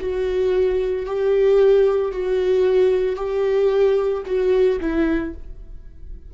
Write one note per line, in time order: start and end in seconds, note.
0.00 1.06 F#4
1.06 2.12 G4
2.12 3.16 F#4
3.16 4.23 G4
4.26 4.80 F#4
4.81 5.34 E4